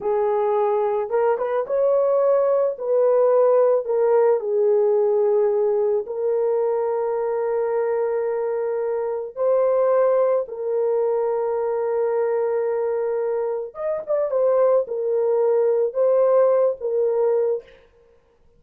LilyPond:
\new Staff \with { instrumentName = "horn" } { \time 4/4 \tempo 4 = 109 gis'2 ais'8 b'8 cis''4~ | cis''4 b'2 ais'4 | gis'2. ais'4~ | ais'1~ |
ais'4 c''2 ais'4~ | ais'1~ | ais'4 dis''8 d''8 c''4 ais'4~ | ais'4 c''4. ais'4. | }